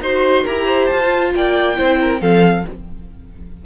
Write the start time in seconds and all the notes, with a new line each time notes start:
0.00 D#4 F#4 C5 C6
0.43 E4 G4 A#4 A#5
0.65 C5
0.86 F4 A5
1.02 F4
1.34 A#3 D5 G5
1.76 C4 E4 C5
2.01 A#4
2.21 F3 C4 A4 F5